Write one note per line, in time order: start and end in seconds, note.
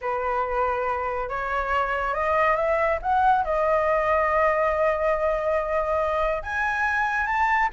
0.01 1.29 B4
1.29 2.14 C#5
2.14 2.56 D#5
2.56 2.98 E5
3.02 3.44 F#5
3.44 6.42 D#5
6.42 7.26 G#5
7.26 7.69 A5